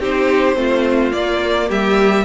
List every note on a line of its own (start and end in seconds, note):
0.00 0.56 C4
0.00 0.56 D#4
0.00 0.57 G4
0.00 1.13 C5
0.56 1.13 A3
0.56 1.12 C4
0.56 1.69 F4
1.12 2.25 A#3
1.12 1.70 A#3
1.12 1.69 D5
1.69 2.26 G3
1.69 2.26 G4
1.69 2.26 E5